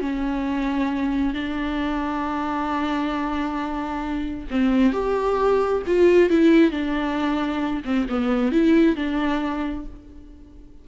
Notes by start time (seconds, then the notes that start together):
0.00 C#4
1.34 D4
4.50 C4
4.93 G4
5.86 F4
6.30 E4
6.71 D4
7.85 C4
8.09 B3
8.52 E4
8.96 D4